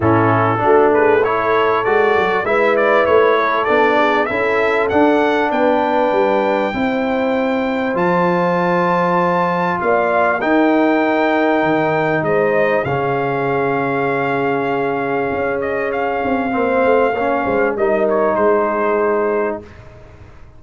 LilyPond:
<<
  \new Staff \with { instrumentName = "trumpet" } { \time 4/4 \tempo 4 = 98 a'4. b'8 cis''4 d''4 | e''8 d''8 cis''4 d''4 e''4 | fis''4 g''2.~ | g''4 a''2. |
f''4 g''2. | dis''4 f''2.~ | f''4. dis''8 f''2~ | f''4 dis''8 cis''8 c''2 | }
  \new Staff \with { instrumentName = "horn" } { \time 4/4 e'4 fis'8 gis'8 a'2 | b'4. a'4 gis'8 a'4~ | a'4 b'2 c''4~ | c''1 |
d''4 ais'2. | c''4 gis'2.~ | gis'2. c''4 | cis''8 c''8 ais'4 gis'2 | }
  \new Staff \with { instrumentName = "trombone" } { \time 4/4 cis'4 d'4 e'4 fis'4 | e'2 d'4 e'4 | d'2. e'4~ | e'4 f'2.~ |
f'4 dis'2.~ | dis'4 cis'2.~ | cis'2. c'4 | cis'4 dis'2. | }
  \new Staff \with { instrumentName = "tuba" } { \time 4/4 a,4 a2 gis8 fis8 | gis4 a4 b4 cis'4 | d'4 b4 g4 c'4~ | c'4 f2. |
ais4 dis'2 dis4 | gis4 cis2.~ | cis4 cis'4. c'8 ais8 a8 | ais8 gis8 g4 gis2 | }
>>